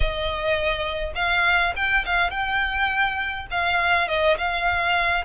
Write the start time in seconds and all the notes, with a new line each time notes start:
0.00 D#5
1.15 F5
1.76 G5
2.05 F5
2.30 G5
3.50 F5
4.08 D#5
4.37 F5